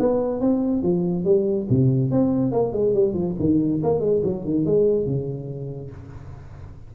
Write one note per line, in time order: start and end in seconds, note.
0.00 0.41 B3
0.41 0.83 C4
0.83 1.25 F3
1.25 1.68 G3
1.70 2.12 C3
2.12 2.52 C4
2.52 2.73 A#3
2.73 2.94 G#3
2.94 3.15 G3
3.15 3.36 F3
3.40 3.82 D#3
3.83 4.01 A#3
4.01 4.22 G#3
4.24 4.45 F#3
4.45 4.66 D#3
4.66 5.07 G#3
5.07 5.92 C#3